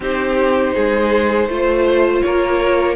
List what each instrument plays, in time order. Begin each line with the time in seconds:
0.00 cello C4, viola D#4, violin G4 C5
0.74 cello G#3, violin G#4
1.47 cello A3, viola F4, violin C5
2.21 cello A#3, violin A#4 C#5